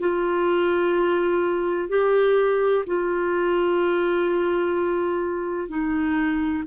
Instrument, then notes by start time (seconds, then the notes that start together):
clarinet
0.00 F4
1.89 G4
2.87 F4
5.69 D#4